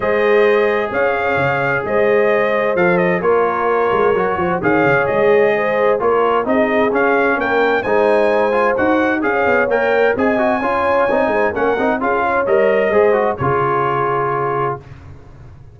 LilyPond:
<<
  \new Staff \with { instrumentName = "trumpet" } { \time 4/4 \tempo 4 = 130 dis''2 f''2 | dis''2 f''8 dis''8 cis''4~ | cis''2 f''4 dis''4~ | dis''4 cis''4 dis''4 f''4 |
g''4 gis''2 fis''4 | f''4 g''4 gis''2~ | gis''4 fis''4 f''4 dis''4~ | dis''4 cis''2. | }
  \new Staff \with { instrumentName = "horn" } { \time 4/4 c''2 cis''2 | c''2. ais'4~ | ais'4. c''8 cis''2 | c''4 ais'4 gis'2 |
ais'4 c''2. | cis''2 dis''4 cis''4~ | cis''8 c''8 ais'4 gis'8 cis''4. | c''4 gis'2. | }
  \new Staff \with { instrumentName = "trombone" } { \time 4/4 gis'1~ | gis'2 a'4 f'4~ | f'4 fis'4 gis'2~ | gis'4 f'4 dis'4 cis'4~ |
cis'4 dis'4. f'8 fis'4 | gis'4 ais'4 gis'8 fis'8 f'4 | dis'4 cis'8 dis'8 f'4 ais'4 | gis'8 fis'8 f'2. | }
  \new Staff \with { instrumentName = "tuba" } { \time 4/4 gis2 cis'4 cis4 | gis2 f4 ais4~ | ais8 gis8 fis8 f8 dis8 cis8 gis4~ | gis4 ais4 c'4 cis'4 |
ais4 gis2 dis'4 | cis'8 b8 ais4 c'4 cis'4 | c'8 gis8 ais8 c'8 cis'4 g4 | gis4 cis2. | }
>>